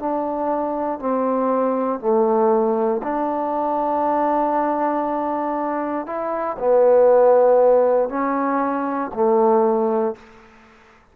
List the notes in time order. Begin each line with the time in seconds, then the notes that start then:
0.00 D4
1.00 C4
2.00 A3
3.03 D4
6.07 E4
6.59 B3
8.10 C#4
9.14 A3